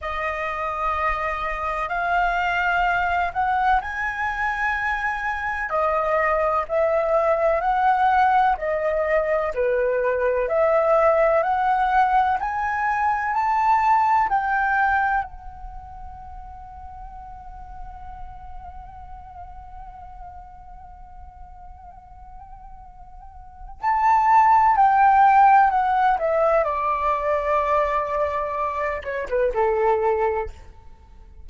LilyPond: \new Staff \with { instrumentName = "flute" } { \time 4/4 \tempo 4 = 63 dis''2 f''4. fis''8 | gis''2 dis''4 e''4 | fis''4 dis''4 b'4 e''4 | fis''4 gis''4 a''4 g''4 |
fis''1~ | fis''1~ | fis''4 a''4 g''4 fis''8 e''8 | d''2~ d''8 cis''16 b'16 a'4 | }